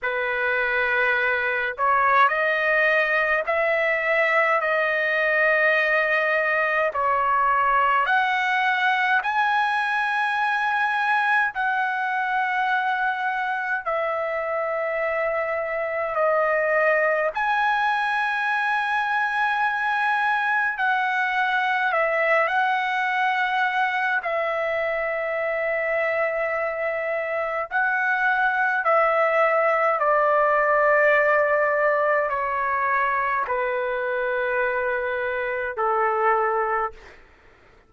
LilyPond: \new Staff \with { instrumentName = "trumpet" } { \time 4/4 \tempo 4 = 52 b'4. cis''8 dis''4 e''4 | dis''2 cis''4 fis''4 | gis''2 fis''2 | e''2 dis''4 gis''4~ |
gis''2 fis''4 e''8 fis''8~ | fis''4 e''2. | fis''4 e''4 d''2 | cis''4 b'2 a'4 | }